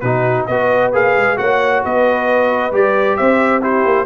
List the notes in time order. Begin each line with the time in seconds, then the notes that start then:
0.00 B2 D#4 F#4 B4
0.47 B3 F#4 B4 D#5
0.93 A#3 G#4 F5
1.16 G#3
1.37 A#3 F#4 C#5 F#5
1.83 B3 B4 D#5
2.72 G3 G4 D5
3.16 C4 C5 E5
3.61 E4 G4 C5
3.85 A#3